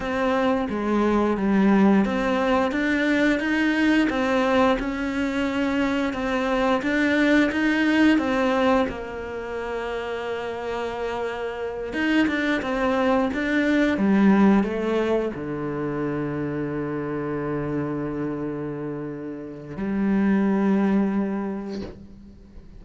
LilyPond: \new Staff \with { instrumentName = "cello" } { \time 4/4 \tempo 4 = 88 c'4 gis4 g4 c'4 | d'4 dis'4 c'4 cis'4~ | cis'4 c'4 d'4 dis'4 | c'4 ais2.~ |
ais4. dis'8 d'8 c'4 d'8~ | d'8 g4 a4 d4.~ | d1~ | d4 g2. | }